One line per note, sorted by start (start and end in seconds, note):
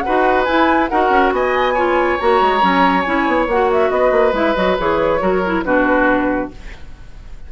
0.00 0.47 F#4
0.00 0.90 B4
0.00 0.43 F#5
0.08 0.48 D#4
0.45 0.90 E4
0.45 0.91 E4
0.45 0.88 G#5
0.89 1.10 D#4
0.89 1.76 F#4
0.89 1.34 A#4
0.89 1.32 F#5
1.10 1.32 C#4
1.32 2.19 B3
1.32 1.74 D#5
1.32 2.20 G#5
1.74 2.19 F4
1.74 3.90 C#5
2.20 2.41 A#3
2.20 2.61 F#4
2.20 3.02 A#5
2.41 2.62 G#3
2.61 3.06 F#3
2.61 3.04 C#4
3.02 3.28 C#4
3.02 3.49 E4
3.02 3.45 G#5
3.28 3.48 B3
3.48 3.91 A#3
3.48 4.33 F#4
3.48 3.71 F#5
3.72 3.91 E5
3.91 4.12 B3
3.91 5.21 B4
3.91 4.34 D#5
4.12 4.33 A#3
4.33 4.54 G#3
4.33 4.55 E4
4.33 4.56 E5
4.56 4.78 F#3
4.56 4.77 F#4
4.56 4.77 D#5
4.78 5.22 E3
4.78 5.20 G#4
4.78 5.64 C#5
5.20 5.64 F#3
5.20 5.41 F#4
5.20 5.65 A#4
5.47 5.65 E4
5.64 6.51 B2
5.64 6.52 D4
5.64 6.52 F#4
5.64 6.51 B4